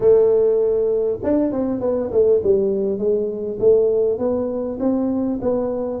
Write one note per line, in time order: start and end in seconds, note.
0.00 1.18 A3
1.23 1.52 D4
1.52 1.80 C4
1.80 2.10 B3
2.11 2.41 A3
2.43 2.98 G3
2.98 3.58 G#3
3.59 4.18 A3
4.18 4.78 B3
4.79 5.39 C4
5.41 6.00 B3